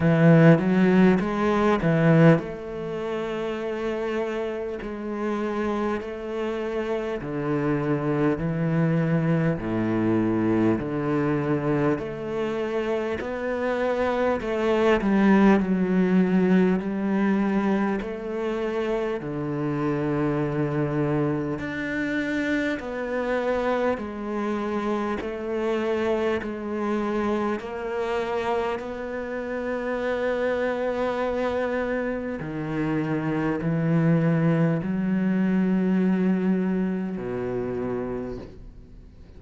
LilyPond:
\new Staff \with { instrumentName = "cello" } { \time 4/4 \tempo 4 = 50 e8 fis8 gis8 e8 a2 | gis4 a4 d4 e4 | a,4 d4 a4 b4 | a8 g8 fis4 g4 a4 |
d2 d'4 b4 | gis4 a4 gis4 ais4 | b2. dis4 | e4 fis2 b,4 | }